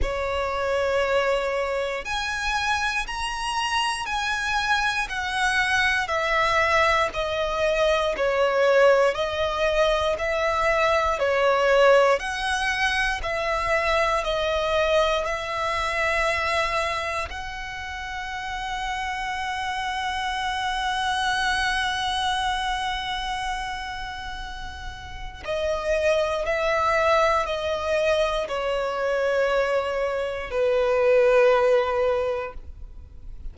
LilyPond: \new Staff \with { instrumentName = "violin" } { \time 4/4 \tempo 4 = 59 cis''2 gis''4 ais''4 | gis''4 fis''4 e''4 dis''4 | cis''4 dis''4 e''4 cis''4 | fis''4 e''4 dis''4 e''4~ |
e''4 fis''2.~ | fis''1~ | fis''4 dis''4 e''4 dis''4 | cis''2 b'2 | }